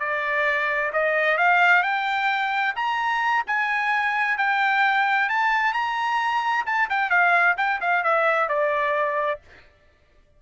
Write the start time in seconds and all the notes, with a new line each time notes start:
0.00 D5
0.93 D#5
1.38 F5
1.83 G5
2.76 A#5
3.47 G#5
4.38 G5
5.30 A5
5.74 A#5
6.67 A5
6.90 G5
7.11 F5
7.58 G5
7.81 F5
8.04 E5
8.49 D5